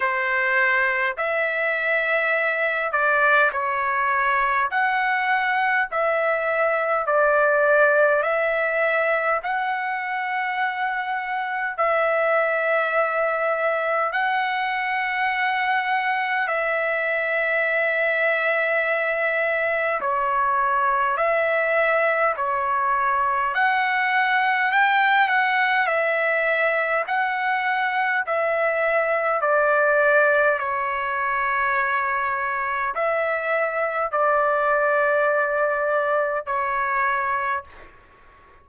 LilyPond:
\new Staff \with { instrumentName = "trumpet" } { \time 4/4 \tempo 4 = 51 c''4 e''4. d''8 cis''4 | fis''4 e''4 d''4 e''4 | fis''2 e''2 | fis''2 e''2~ |
e''4 cis''4 e''4 cis''4 | fis''4 g''8 fis''8 e''4 fis''4 | e''4 d''4 cis''2 | e''4 d''2 cis''4 | }